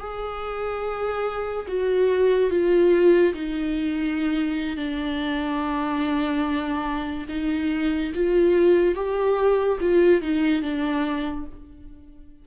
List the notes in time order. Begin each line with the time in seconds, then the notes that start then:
0.00 G#4
1.68 F#4
2.50 F4
3.34 D#4
4.77 D4
7.29 D#4
8.15 F4
8.95 G4
9.81 F4
10.22 D#4
10.62 D4